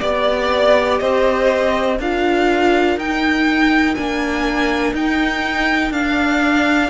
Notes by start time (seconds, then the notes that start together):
0.00 B3 G4 D5
0.99 C4 C5 D#5
1.99 D4 F4 A#4 F5
2.97 D#4 G5
3.95 A#3 D4 G#5
4.93 D#4 G5
5.90 D4 F5